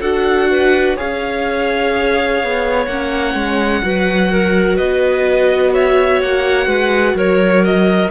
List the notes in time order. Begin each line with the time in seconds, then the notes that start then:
0.00 D4 F#4 A4 F#5
0.50 B4
0.97 C#4 G#4 C#5 F5
2.43 B3
2.86 A#3 C#4 F#5
3.34 G#3
3.83 F#3 F#4 B4
4.32 A#4
4.76 B3 B4 D#5
5.73 C#5 E5
6.21 A#3 F#5
6.67 G#3 B4
7.15 F#3 A#4 C#5
7.65 D#5